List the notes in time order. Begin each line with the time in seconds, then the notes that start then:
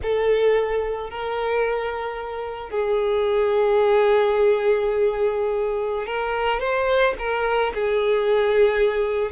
0.02 A4
1.10 A#4
2.70 G#4
6.06 A#4
6.59 C5
7.18 A#4
7.74 G#4